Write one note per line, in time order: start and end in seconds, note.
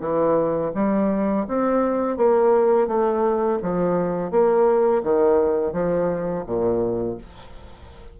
0.00 0.71 E3
0.75 1.46 G3
1.48 2.17 C4
2.17 2.87 A#3
2.87 3.59 A3
3.62 4.31 F3
4.31 5.02 A#3
5.03 5.73 D#3
5.73 6.44 F3
6.46 7.18 A#2